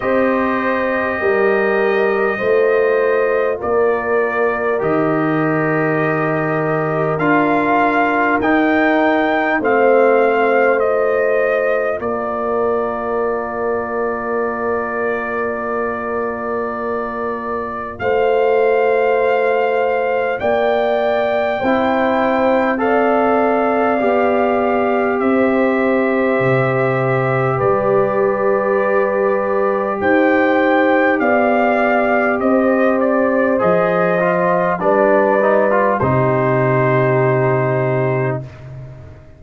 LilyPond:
<<
  \new Staff \with { instrumentName = "trumpet" } { \time 4/4 \tempo 4 = 50 dis''2. d''4 | dis''2 f''4 g''4 | f''4 dis''4 d''2~ | d''2. f''4~ |
f''4 g''2 f''4~ | f''4 e''2 d''4~ | d''4 g''4 f''4 dis''8 d''8 | dis''4 d''4 c''2 | }
  \new Staff \with { instrumentName = "horn" } { \time 4/4 c''4 ais'4 c''4 ais'4~ | ais'1 | c''2 ais'2~ | ais'2. c''4~ |
c''4 d''4 c''4 d''4~ | d''4 c''2 b'4~ | b'4 c''4 d''4 c''4~ | c''4 b'4 g'2 | }
  \new Staff \with { instrumentName = "trombone" } { \time 4/4 g'2 f'2 | g'2 f'4 dis'4 | c'4 f'2.~ | f'1~ |
f'2 e'4 a'4 | g'1~ | g'1 | gis'8 f'8 d'8 dis'16 f'16 dis'2 | }
  \new Staff \with { instrumentName = "tuba" } { \time 4/4 c'4 g4 a4 ais4 | dis2 d'4 dis'4 | a2 ais2~ | ais2. a4~ |
a4 ais4 c'2 | b4 c'4 c4 g4~ | g4 dis'4 b4 c'4 | f4 g4 c2 | }
>>